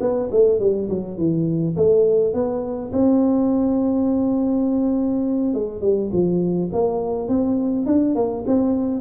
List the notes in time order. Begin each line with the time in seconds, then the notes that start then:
0.00 B3
0.31 A3
0.59 G3
0.89 F#3
1.17 E3
1.76 A3
2.33 B3
2.92 C4
5.54 G#3
5.81 G3
6.12 F3
6.72 A#3
7.28 C4
7.86 D4
8.15 A#3
8.47 C4